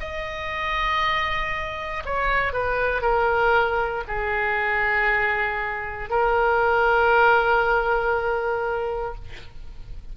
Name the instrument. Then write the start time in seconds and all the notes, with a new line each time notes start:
oboe
0.00 D#5
2.05 C#5
2.53 B4
3.02 A#4
4.08 G#4
6.10 A#4